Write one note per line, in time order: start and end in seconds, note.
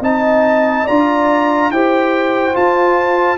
0.00 0.85 C4
0.00 0.87 D#4
0.00 0.84 D#5
0.00 0.87 A5
0.84 1.70 D4
0.84 1.73 F4
0.84 1.69 D5
0.84 1.71 A#5
1.70 2.55 E4
1.70 2.53 G4
1.70 3.37 C5
1.70 2.55 G5
2.53 3.37 F4
2.53 3.37 A5